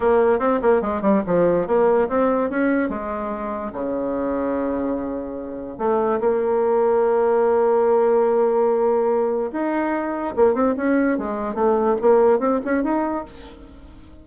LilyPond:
\new Staff \with { instrumentName = "bassoon" } { \time 4/4 \tempo 4 = 145 ais4 c'8 ais8 gis8 g8 f4 | ais4 c'4 cis'4 gis4~ | gis4 cis2.~ | cis2 a4 ais4~ |
ais1~ | ais2. dis'4~ | dis'4 ais8 c'8 cis'4 gis4 | a4 ais4 c'8 cis'8 dis'4 | }